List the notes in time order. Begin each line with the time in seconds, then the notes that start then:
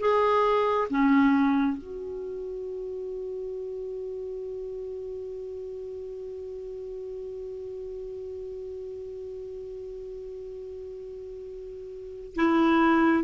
0.00 G#4
0.90 C#4
1.78 F#4
12.36 E4